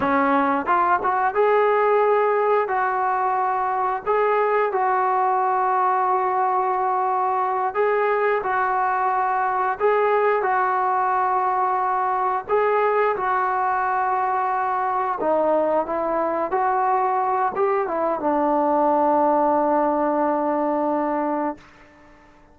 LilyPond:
\new Staff \with { instrumentName = "trombone" } { \time 4/4 \tempo 4 = 89 cis'4 f'8 fis'8 gis'2 | fis'2 gis'4 fis'4~ | fis'2.~ fis'8 gis'8~ | gis'8 fis'2 gis'4 fis'8~ |
fis'2~ fis'8 gis'4 fis'8~ | fis'2~ fis'8 dis'4 e'8~ | e'8 fis'4. g'8 e'8 d'4~ | d'1 | }